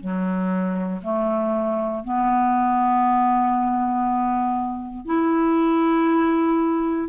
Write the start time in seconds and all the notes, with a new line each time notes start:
0.00 F#3
1.03 A3
2.04 B3
5.06 E4